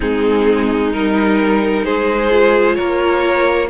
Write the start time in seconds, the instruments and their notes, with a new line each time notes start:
0.00 cello G#3, viola C4, violin D#4 G#4
0.92 cello G3, viola D#4, violin A#4
1.84 cello G#3, violin G#4 C5
2.30 viola F4
2.75 cello A#3, violin A#4 C#5